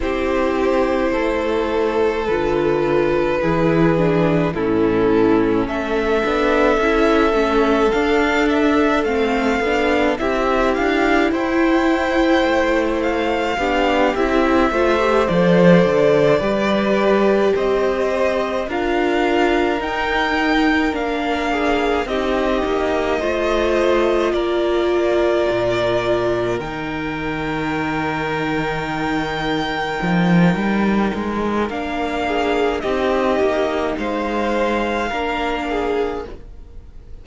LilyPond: <<
  \new Staff \with { instrumentName = "violin" } { \time 4/4 \tempo 4 = 53 c''2 b'2 | a'4 e''2 f''8 e''8 | f''4 e''8 f''8 g''4. f''8~ | f''8 e''4 d''2 dis''8~ |
dis''8 f''4 g''4 f''4 dis''8~ | dis''4. d''2 g''8~ | g''1 | f''4 dis''4 f''2 | }
  \new Staff \with { instrumentName = "violin" } { \time 4/4 g'4 a'2 gis'4 | e'4 a'2.~ | a'4 g'4 c''2 | g'4 c''4. b'4 c''8~ |
c''8 ais'2~ ais'8 gis'8 g'8~ | g'8 c''4 ais'2~ ais'8~ | ais'1~ | ais'8 gis'8 g'4 c''4 ais'8 gis'8 | }
  \new Staff \with { instrumentName = "viola" } { \time 4/4 e'2 f'4 e'8 d'8 | cis'4. d'8 e'8 cis'8 d'4 | c'8 d'8 e'2. | d'8 e'8 f'16 g'16 a'4 g'4.~ |
g'8 f'4 dis'4 d'4 dis'8~ | dis'8 f'2. dis'8~ | dis'1 | d'4 dis'2 d'4 | }
  \new Staff \with { instrumentName = "cello" } { \time 4/4 c'4 a4 d4 e4 | a,4 a8 b8 cis'8 a8 d'4 | a8 b8 c'8 d'8 e'4 a4 | b8 c'8 a8 f8 d8 g4 c'8~ |
c'8 d'4 dis'4 ais4 c'8 | ais8 a4 ais4 ais,4 dis8~ | dis2~ dis8 f8 g8 gis8 | ais4 c'8 ais8 gis4 ais4 | }
>>